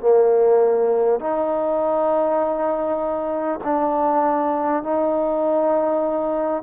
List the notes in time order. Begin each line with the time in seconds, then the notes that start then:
0.00 A#3
1.20 D#4
3.64 D4
4.83 D#4